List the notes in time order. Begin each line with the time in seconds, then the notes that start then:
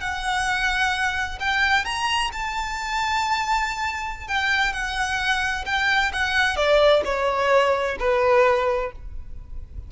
0.00 F#5
1.39 G5
1.84 A#5
2.32 A5
4.27 G5
4.72 F#5
5.65 G5
6.12 F#5
6.56 D5
7.04 C#5
7.99 B4